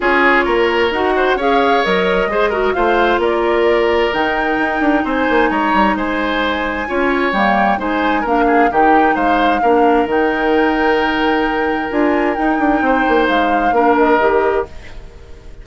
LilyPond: <<
  \new Staff \with { instrumentName = "flute" } { \time 4/4 \tempo 4 = 131 cis''2 fis''4 f''4 | dis''2 f''4 d''4~ | d''4 g''2 gis''4 | ais''4 gis''2. |
g''4 gis''4 f''4 g''4 | f''2 g''2~ | g''2 gis''4 g''4~ | g''4 f''4. dis''4. | }
  \new Staff \with { instrumentName = "oboe" } { \time 4/4 gis'4 ais'4. c''8 cis''4~ | cis''4 c''8 ais'8 c''4 ais'4~ | ais'2. c''4 | cis''4 c''2 cis''4~ |
cis''4 c''4 ais'8 gis'8 g'4 | c''4 ais'2.~ | ais'1 | c''2 ais'2 | }
  \new Staff \with { instrumentName = "clarinet" } { \time 4/4 f'2 fis'4 gis'4 | ais'4 gis'8 fis'8 f'2~ | f'4 dis'2.~ | dis'2. f'4 |
ais4 dis'4 d'4 dis'4~ | dis'4 d'4 dis'2~ | dis'2 f'4 dis'4~ | dis'2 d'4 g'4 | }
  \new Staff \with { instrumentName = "bassoon" } { \time 4/4 cis'4 ais4 dis'4 cis'4 | fis4 gis4 a4 ais4~ | ais4 dis4 dis'8 d'8 c'8 ais8 | gis8 g8 gis2 cis'4 |
g4 gis4 ais4 dis4 | gis4 ais4 dis2~ | dis2 d'4 dis'8 d'8 | c'8 ais8 gis4 ais4 dis4 | }
>>